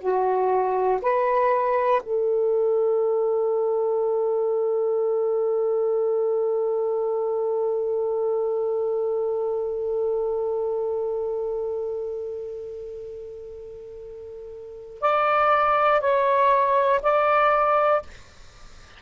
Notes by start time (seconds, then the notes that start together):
0.00 F#4
1.01 B4
2.03 A4
15.01 D5
16.01 C#5
17.02 D5